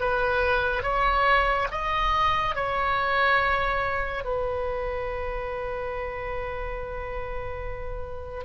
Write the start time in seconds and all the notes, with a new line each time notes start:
0.00 B4
0.83 C#5
1.71 D#5
2.55 C#5
4.24 B4